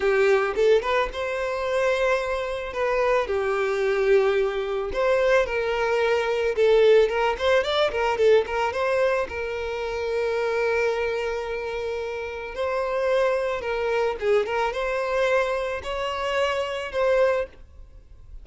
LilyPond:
\new Staff \with { instrumentName = "violin" } { \time 4/4 \tempo 4 = 110 g'4 a'8 b'8 c''2~ | c''4 b'4 g'2~ | g'4 c''4 ais'2 | a'4 ais'8 c''8 d''8 ais'8 a'8 ais'8 |
c''4 ais'2.~ | ais'2. c''4~ | c''4 ais'4 gis'8 ais'8 c''4~ | c''4 cis''2 c''4 | }